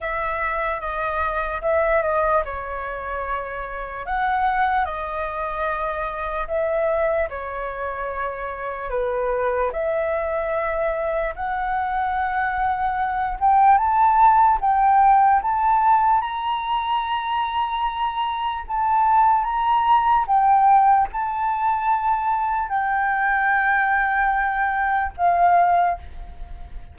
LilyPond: \new Staff \with { instrumentName = "flute" } { \time 4/4 \tempo 4 = 74 e''4 dis''4 e''8 dis''8 cis''4~ | cis''4 fis''4 dis''2 | e''4 cis''2 b'4 | e''2 fis''2~ |
fis''8 g''8 a''4 g''4 a''4 | ais''2. a''4 | ais''4 g''4 a''2 | g''2. f''4 | }